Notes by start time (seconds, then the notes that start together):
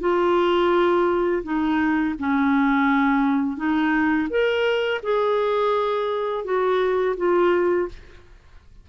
0.00 F4
1.43 D#4
2.19 C#4
3.57 D#4
4.29 A#4
5.03 G#4
6.44 F#4
7.17 F4